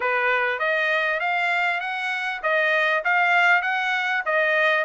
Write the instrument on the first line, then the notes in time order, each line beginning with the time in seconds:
trumpet
0.00 B4
0.59 D#5
1.20 F5
1.80 F#5
2.42 D#5
3.04 F5
3.62 F#5
4.25 D#5